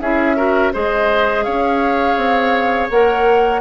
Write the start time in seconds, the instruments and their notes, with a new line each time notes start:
0.00 bassoon C#4, clarinet E4, oboe G#4, flute E5
0.36 clarinet F#4, oboe A#4
0.72 bassoon G#3, clarinet G#4, oboe C5, flute D#5
1.43 bassoon C#4, oboe C#5, flute F5
2.16 bassoon C4
2.90 bassoon A#3, clarinet A#4, flute F#5